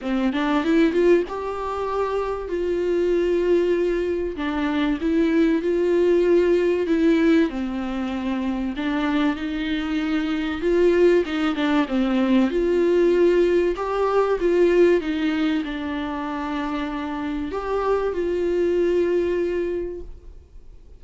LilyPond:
\new Staff \with { instrumentName = "viola" } { \time 4/4 \tempo 4 = 96 c'8 d'8 e'8 f'8 g'2 | f'2. d'4 | e'4 f'2 e'4 | c'2 d'4 dis'4~ |
dis'4 f'4 dis'8 d'8 c'4 | f'2 g'4 f'4 | dis'4 d'2. | g'4 f'2. | }